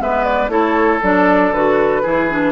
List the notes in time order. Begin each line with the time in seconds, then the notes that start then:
0.00 G#3 B3 B4 E5
0.24 D5
0.48 A3 E4 A4 C#5
1.03 F#3 D4 D5
1.52 D3 F#4 B4
2.03 E3 E4 G#4
2.30 D4